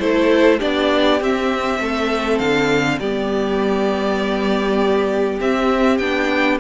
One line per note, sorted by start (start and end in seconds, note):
0.00 0.61 A3
0.00 0.60 E4
0.00 0.59 A4
0.00 0.60 C5
0.59 1.21 B3
0.59 1.20 D4
0.59 1.79 G4
0.59 1.21 D5
1.21 1.80 C4
1.21 3.01 C4
1.21 2.39 E5
1.80 2.40 A3
1.80 3.00 A4
2.39 3.00 D3
2.39 2.99 F5
3.00 5.40 G3
3.00 5.40 B3
3.00 6.60 G4
3.00 5.40 D5
5.40 6.00 C4
5.40 5.98 E5
5.98 6.60 B3
5.98 6.60 D4
5.98 6.58 G5